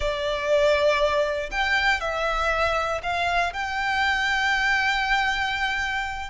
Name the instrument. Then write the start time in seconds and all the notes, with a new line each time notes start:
violin
0.00 D5
1.51 G5
2.00 E5
3.03 F5
3.53 G5